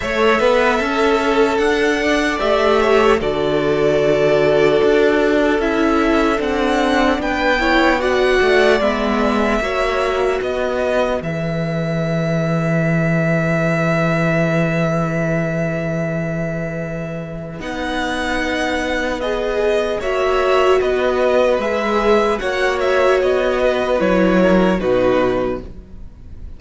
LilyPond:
<<
  \new Staff \with { instrumentName = "violin" } { \time 4/4 \tempo 4 = 75 e''2 fis''4 e''4 | d''2. e''4 | fis''4 g''4 fis''4 e''4~ | e''4 dis''4 e''2~ |
e''1~ | e''2 fis''2 | dis''4 e''4 dis''4 e''4 | fis''8 e''8 dis''4 cis''4 b'4 | }
  \new Staff \with { instrumentName = "violin" } { \time 4/4 cis''8 b'8 a'4. d''4 cis''8 | a'1~ | a'4 b'8 cis''8 d''2 | cis''4 b'2.~ |
b'1~ | b'1~ | b'4 cis''4 b'2 | cis''4. b'4 ais'8 fis'4 | }
  \new Staff \with { instrumentName = "viola" } { \time 4/4 a'2. g'4 | fis'2. e'4 | d'4. e'8 fis'4 b4 | fis'2 gis'2~ |
gis'1~ | gis'2 dis'2 | gis'4 fis'2 gis'4 | fis'2 e'4 dis'4 | }
  \new Staff \with { instrumentName = "cello" } { \time 4/4 a8 b8 cis'4 d'4 a4 | d2 d'4 cis'4 | c'4 b4. a8 gis4 | ais4 b4 e2~ |
e1~ | e2 b2~ | b4 ais4 b4 gis4 | ais4 b4 fis4 b,4 | }
>>